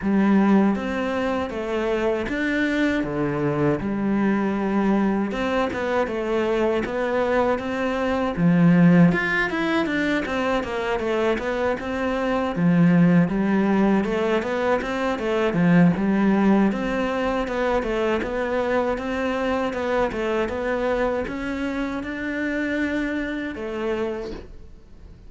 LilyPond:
\new Staff \with { instrumentName = "cello" } { \time 4/4 \tempo 4 = 79 g4 c'4 a4 d'4 | d4 g2 c'8 b8 | a4 b4 c'4 f4 | f'8 e'8 d'8 c'8 ais8 a8 b8 c'8~ |
c'8 f4 g4 a8 b8 c'8 | a8 f8 g4 c'4 b8 a8 | b4 c'4 b8 a8 b4 | cis'4 d'2 a4 | }